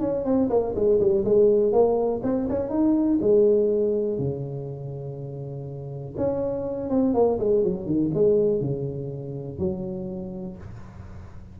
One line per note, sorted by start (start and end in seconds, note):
0.00 0.25 C#4
0.25 0.49 C4
0.50 0.74 A#3
0.75 1.00 G#3
1.00 1.25 G3
1.25 1.72 G#3
1.72 2.21 A#3
2.23 2.48 C4
2.49 2.69 C#4
2.69 3.19 D#4
3.21 4.18 G#3
4.18 6.15 C#3
6.17 6.90 C#4
6.90 7.14 C4
7.14 7.39 A#3
7.39 7.64 G#3
7.64 7.86 F#3
7.86 8.11 D#3
8.14 8.60 G#3
8.60 9.59 C#3
9.59 10.57 F#3